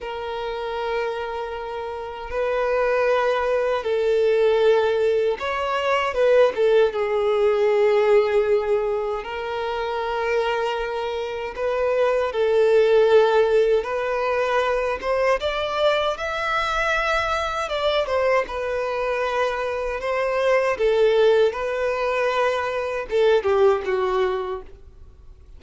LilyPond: \new Staff \with { instrumentName = "violin" } { \time 4/4 \tempo 4 = 78 ais'2. b'4~ | b'4 a'2 cis''4 | b'8 a'8 gis'2. | ais'2. b'4 |
a'2 b'4. c''8 | d''4 e''2 d''8 c''8 | b'2 c''4 a'4 | b'2 a'8 g'8 fis'4 | }